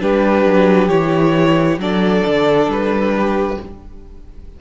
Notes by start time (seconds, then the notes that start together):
0.00 G3 D4 G4 B4
0.46 F#3
0.89 E3 E4 C#5
1.78 F#3 D4 A4 D5
2.27 D3
2.68 G3 B4
3.15 G4